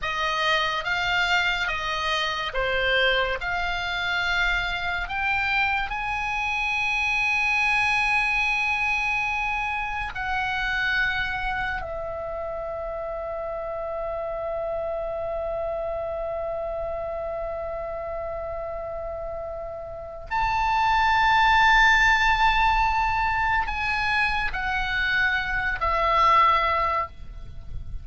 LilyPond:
\new Staff \with { instrumentName = "oboe" } { \time 4/4 \tempo 4 = 71 dis''4 f''4 dis''4 c''4 | f''2 g''4 gis''4~ | gis''1 | fis''2 e''2~ |
e''1~ | e''1 | a''1 | gis''4 fis''4. e''4. | }